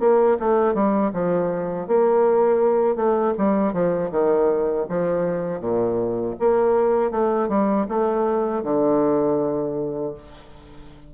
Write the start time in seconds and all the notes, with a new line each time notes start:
0.00 A#3
0.40 A3
0.74 G3
1.13 F3
1.88 A#3
2.96 A3
3.38 G3
3.73 F3
4.11 D#3
4.89 F3
5.60 A#2
6.39 A#3
7.11 A3
7.49 G3
7.89 A3
8.64 D3